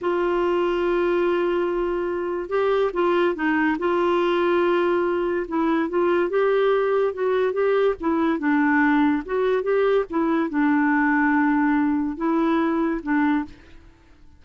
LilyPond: \new Staff \with { instrumentName = "clarinet" } { \time 4/4 \tempo 4 = 143 f'1~ | f'2 g'4 f'4 | dis'4 f'2.~ | f'4 e'4 f'4 g'4~ |
g'4 fis'4 g'4 e'4 | d'2 fis'4 g'4 | e'4 d'2.~ | d'4 e'2 d'4 | }